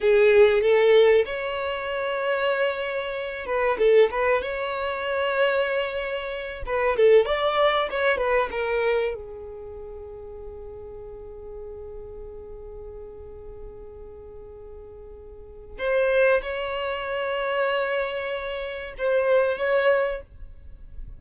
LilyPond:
\new Staff \with { instrumentName = "violin" } { \time 4/4 \tempo 4 = 95 gis'4 a'4 cis''2~ | cis''4. b'8 a'8 b'8 cis''4~ | cis''2~ cis''8 b'8 a'8 d''8~ | d''8 cis''8 b'8 ais'4 gis'4.~ |
gis'1~ | gis'1~ | gis'4 c''4 cis''2~ | cis''2 c''4 cis''4 | }